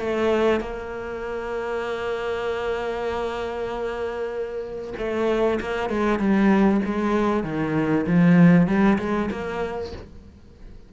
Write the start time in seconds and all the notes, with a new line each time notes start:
0.00 A3
0.61 A#3
4.98 A3
5.61 A#3
5.90 G#3
6.19 G3
6.86 G#3
7.44 D#3
8.07 F3
8.68 G3
8.99 G#3
9.31 A#3